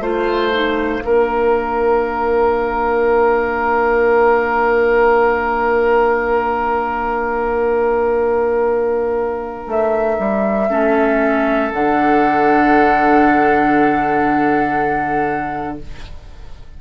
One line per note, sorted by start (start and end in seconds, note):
0.00 1.02 A3
0.00 0.52 F4
0.00 1.04 C5
0.00 9.68 F5
0.52 1.00 D#4
1.00 9.67 A#3
1.00 10.66 D4
1.00 10.70 A#4
9.67 10.18 A3
9.67 11.71 E5
10.19 10.70 G3
10.70 11.72 A3
10.70 11.72 C#4
10.70 15.78 A4
11.71 15.80 D3
11.71 15.81 D4
11.71 15.78 F#5